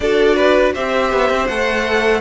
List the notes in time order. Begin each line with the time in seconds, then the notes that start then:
0.00 D4 F#4 A4 D5
0.35 B4
0.74 C4 G4 C5 E5
1.12 B3
1.30 C4
1.47 A3 A4 F#5